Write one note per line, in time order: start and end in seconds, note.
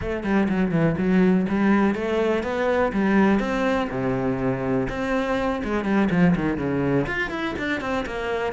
0.01 0.23 A3
0.23 0.48 G3
0.49 0.71 F#3
0.71 0.95 E3
0.97 1.46 F#3
1.49 1.94 G3
1.94 2.43 A3
2.43 2.92 B3
2.92 3.39 G3
3.39 3.88 C4
3.90 4.87 C3
4.89 5.62 C4
5.63 5.84 G#3
5.84 6.08 G3
6.10 6.35 F3
6.35 6.57 D#3
6.57 7.06 C#3
7.06 7.30 F4
7.30 7.54 E4
7.58 7.80 D4
7.80 8.05 C4
8.06 8.53 A#3